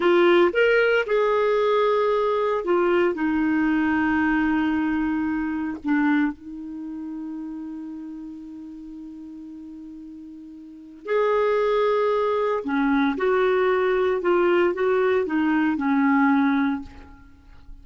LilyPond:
\new Staff \with { instrumentName = "clarinet" } { \time 4/4 \tempo 4 = 114 f'4 ais'4 gis'2~ | gis'4 f'4 dis'2~ | dis'2. d'4 | dis'1~ |
dis'1~ | dis'4 gis'2. | cis'4 fis'2 f'4 | fis'4 dis'4 cis'2 | }